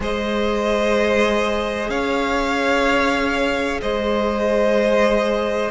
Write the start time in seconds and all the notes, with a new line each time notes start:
0.00 G#3 G#4 C5 D#5
1.89 C#4 C#5 F5
3.81 G#3 C5 D#5